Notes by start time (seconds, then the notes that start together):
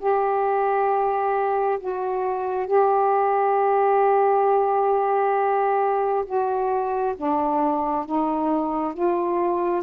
0.00 G4
1.80 F#4
2.67 G4
6.26 F#4
7.17 D4
8.06 D#4
8.94 F4